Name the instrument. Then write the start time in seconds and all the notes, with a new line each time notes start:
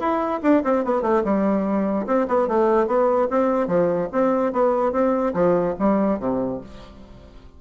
bassoon
0.00 E4
0.43 D4
0.64 C4
0.85 B3
1.02 A3
1.24 G3
2.07 C4
2.28 B3
2.48 A3
2.87 B3
3.31 C4
3.68 F3
4.12 C4
4.53 B3
4.93 C4
5.34 F3
5.80 G3
6.20 C3